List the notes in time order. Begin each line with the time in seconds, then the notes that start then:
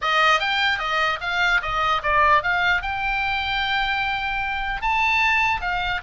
0.01 D#5
0.39 G5
0.79 D#5
1.20 F5
1.61 D#5
2.02 D5
2.43 F5
2.82 G5
4.81 A5
5.61 F5